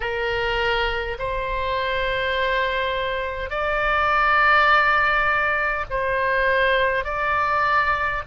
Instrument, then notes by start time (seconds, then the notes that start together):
oboe
0.00 A#4
1.18 C5
3.50 D5
5.89 C5
7.04 D5